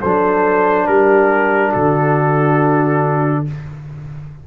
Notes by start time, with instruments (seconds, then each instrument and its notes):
0.00 tuba F#3, trombone D4, horn A4, trumpet C5
0.86 tuba G3, horn G4, trumpet A#4
1.70 tuba D3, horn F#4, trumpet A4